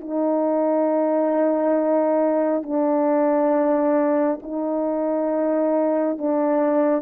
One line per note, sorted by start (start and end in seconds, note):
0.00 2.63 D#4
2.63 4.39 D4
4.42 6.18 D#4
6.18 7.02 D4